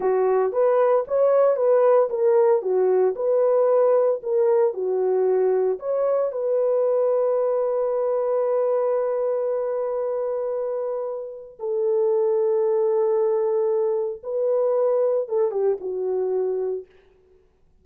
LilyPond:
\new Staff \with { instrumentName = "horn" } { \time 4/4 \tempo 4 = 114 fis'4 b'4 cis''4 b'4 | ais'4 fis'4 b'2 | ais'4 fis'2 cis''4 | b'1~ |
b'1~ | b'2 a'2~ | a'2. b'4~ | b'4 a'8 g'8 fis'2 | }